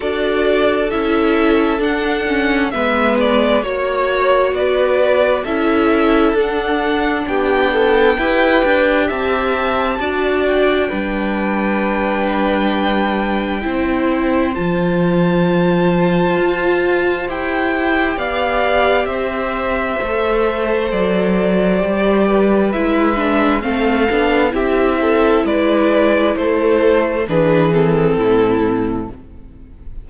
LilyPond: <<
  \new Staff \with { instrumentName = "violin" } { \time 4/4 \tempo 4 = 66 d''4 e''4 fis''4 e''8 d''8 | cis''4 d''4 e''4 fis''4 | g''2 a''4. g''8~ | g''1 |
a''2. g''4 | f''4 e''2 d''4~ | d''4 e''4 f''4 e''4 | d''4 c''4 b'8 a'4. | }
  \new Staff \with { instrumentName = "violin" } { \time 4/4 a'2. b'4 | cis''4 b'4 a'2 | g'8 a'8 b'4 e''4 d''4 | b'2. c''4~ |
c''1 | d''4 c''2.~ | c''8 b'4. a'4 g'8 a'8 | b'4 a'4 gis'4 e'4 | }
  \new Staff \with { instrumentName = "viola" } { \time 4/4 fis'4 e'4 d'8 cis'8 b4 | fis'2 e'4 d'4~ | d'4 g'2 fis'4 | d'2. e'4 |
f'2. g'4~ | g'2 a'2 | g'4 e'8 d'8 c'8 d'8 e'4~ | e'2 d'8 c'4. | }
  \new Staff \with { instrumentName = "cello" } { \time 4/4 d'4 cis'4 d'4 gis4 | ais4 b4 cis'4 d'4 | b4 e'8 d'8 c'4 d'4 | g2. c'4 |
f2 f'4 e'4 | b4 c'4 a4 fis4 | g4 gis4 a8 b8 c'4 | gis4 a4 e4 a,4 | }
>>